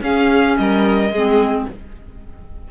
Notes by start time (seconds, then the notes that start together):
0.00 C#4 G#4 F5
0.57 G3 A#4 D#5
1.10 G#3 C4 G#4